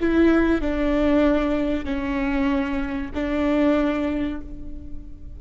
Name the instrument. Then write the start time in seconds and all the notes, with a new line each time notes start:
viola
0.00 E4
0.61 D4
1.85 C#4
3.15 D4